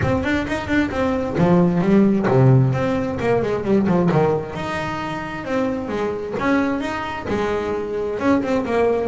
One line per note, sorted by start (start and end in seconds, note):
0.02 0.23 C4
0.23 0.46 D4
0.47 0.67 D#4
0.67 0.90 D4
0.90 1.36 C4
1.37 1.81 F3
1.81 2.26 G3
2.27 2.73 C3
2.73 3.18 C4
3.20 3.42 A#3
3.42 3.64 G#3
3.64 3.86 G3
3.87 4.09 F3
4.11 4.55 D#3
4.55 5.44 D#4
5.44 5.88 C4
5.88 6.34 G#3
6.39 6.80 C#4
6.80 7.25 D#4
7.28 8.19 G#3
8.19 8.42 C#4
8.42 8.65 C4
8.65 9.07 A#3